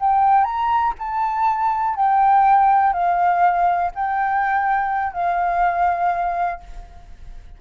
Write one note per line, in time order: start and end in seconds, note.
0.00 0.44 G5
0.44 0.93 A#5
0.99 1.95 A5
1.95 2.93 G5
2.93 3.91 F5
3.95 5.13 G5
5.13 6.60 F5